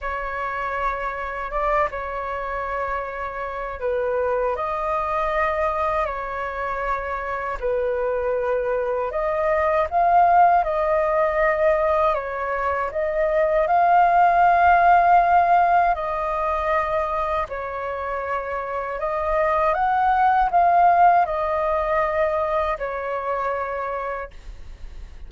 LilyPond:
\new Staff \with { instrumentName = "flute" } { \time 4/4 \tempo 4 = 79 cis''2 d''8 cis''4.~ | cis''4 b'4 dis''2 | cis''2 b'2 | dis''4 f''4 dis''2 |
cis''4 dis''4 f''2~ | f''4 dis''2 cis''4~ | cis''4 dis''4 fis''4 f''4 | dis''2 cis''2 | }